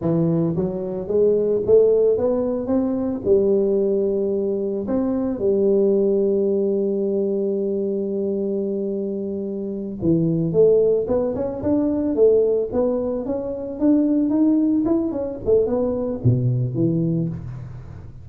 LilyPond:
\new Staff \with { instrumentName = "tuba" } { \time 4/4 \tempo 4 = 111 e4 fis4 gis4 a4 | b4 c'4 g2~ | g4 c'4 g2~ | g1~ |
g2~ g8 e4 a8~ | a8 b8 cis'8 d'4 a4 b8~ | b8 cis'4 d'4 dis'4 e'8 | cis'8 a8 b4 b,4 e4 | }